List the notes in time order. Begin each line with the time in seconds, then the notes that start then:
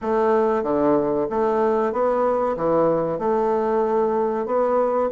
0.01 A3
0.63 D3
1.29 A3
1.92 B3
2.56 E3
3.18 A3
4.45 B3